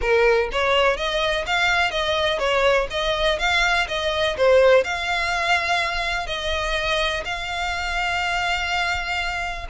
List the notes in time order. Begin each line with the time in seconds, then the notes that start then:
0.01 A#4
0.52 C#5
0.96 D#5
1.46 F5
1.90 D#5
2.38 C#5
2.90 D#5
3.38 F5
3.88 D#5
4.37 C5
4.83 F5
6.26 D#5
7.24 F5